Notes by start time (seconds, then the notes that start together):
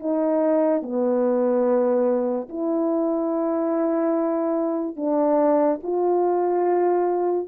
0.00 D#4
0.83 B3
2.49 E4
4.97 D4
5.84 F4